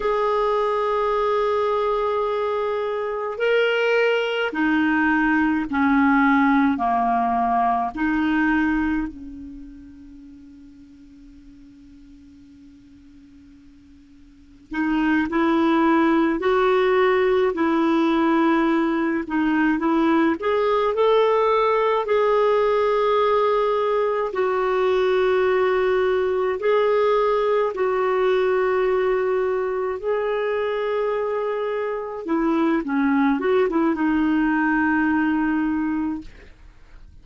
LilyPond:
\new Staff \with { instrumentName = "clarinet" } { \time 4/4 \tempo 4 = 53 gis'2. ais'4 | dis'4 cis'4 ais4 dis'4 | cis'1~ | cis'4 dis'8 e'4 fis'4 e'8~ |
e'4 dis'8 e'8 gis'8 a'4 gis'8~ | gis'4. fis'2 gis'8~ | gis'8 fis'2 gis'4.~ | gis'8 e'8 cis'8 fis'16 e'16 dis'2 | }